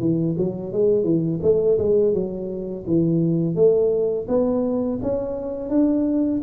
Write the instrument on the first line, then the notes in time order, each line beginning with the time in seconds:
tuba
0.00 E3
0.38 F#3
0.73 G#3
1.04 E3
1.43 A3
1.79 G#3
2.14 F#3
2.87 E3
3.56 A3
4.28 B3
5.03 C#4
5.70 D4